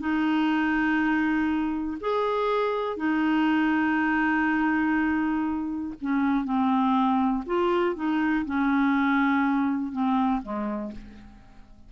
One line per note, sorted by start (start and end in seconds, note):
0.00 1.98 D#4
2.01 2.97 G#4
2.97 5.94 D#4
6.01 6.45 C#4
6.45 7.44 C4
7.47 7.96 F4
7.96 8.45 D#4
8.46 9.93 C#4
9.93 10.42 C4
10.43 10.92 G#3